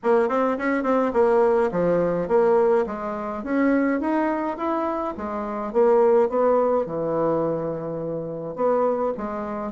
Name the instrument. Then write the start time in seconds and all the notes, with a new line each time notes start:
bassoon
0.03 A#3
0.28 C4
0.58 C#4
0.83 C4
1.13 A#3
1.71 F3
2.28 A#3
2.86 G#3
3.43 C#4
4.00 D#4
4.57 E4
5.17 G#3
5.72 A#3
6.29 B3
6.85 E3
8.55 B3
9.17 G#3